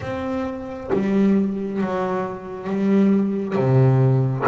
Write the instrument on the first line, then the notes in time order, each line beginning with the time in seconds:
double bass
0.00 C4
0.92 G3
1.81 F#3
2.69 G3
3.55 C3